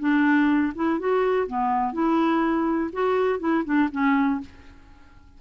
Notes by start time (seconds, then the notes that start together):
0.00 D4
0.75 E4
1.00 F#4
1.47 B3
1.93 E4
2.93 F#4
3.40 E4
3.65 D4
3.92 C#4